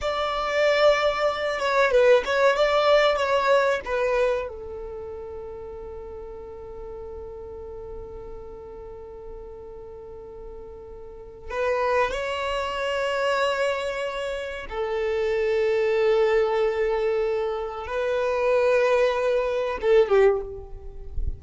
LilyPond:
\new Staff \with { instrumentName = "violin" } { \time 4/4 \tempo 4 = 94 d''2~ d''8 cis''8 b'8 cis''8 | d''4 cis''4 b'4 a'4~ | a'1~ | a'1~ |
a'2 b'4 cis''4~ | cis''2. a'4~ | a'1 | b'2. a'8 g'8 | }